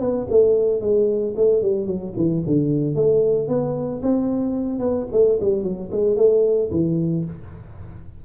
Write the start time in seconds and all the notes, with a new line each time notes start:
0.00 B3
0.30 A3
0.81 G#3
1.36 A3
1.62 G3
1.86 F#3
2.16 E3
2.46 D3
2.95 A3
3.48 B3
4.03 C4
4.79 B3
5.12 A3
5.40 G3
5.63 F#3
5.92 G#3
6.17 A3
6.71 E3